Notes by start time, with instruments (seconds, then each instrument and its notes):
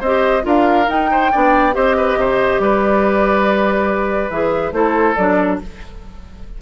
0.00 bassoon C4, clarinet G4, oboe C5, flute D#5
0.42 bassoon D4, clarinet F4, oboe A#4, flute F5
0.88 bassoon D#4, clarinet D#4, flute G5
1.12 oboe C5
1.32 bassoon B3, clarinet D4, oboe D5
1.73 bassoon C4, clarinet G4, oboe C5, flute D#5
1.97 oboe B4
2.16 bassoon C3, oboe C5
2.59 bassoon G3, oboe B4, flute D5
4.30 bassoon E3, clarinet G#4, flute E5
4.72 bassoon A3, clarinet E4, oboe A4, flute C5
5.16 bassoon F#3, clarinet D4, flute D5